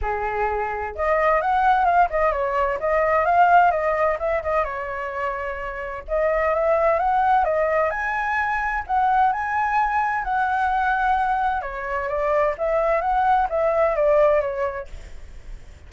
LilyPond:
\new Staff \with { instrumentName = "flute" } { \time 4/4 \tempo 4 = 129 gis'2 dis''4 fis''4 | f''8 dis''8 cis''4 dis''4 f''4 | dis''4 e''8 dis''8 cis''2~ | cis''4 dis''4 e''4 fis''4 |
dis''4 gis''2 fis''4 | gis''2 fis''2~ | fis''4 cis''4 d''4 e''4 | fis''4 e''4 d''4 cis''4 | }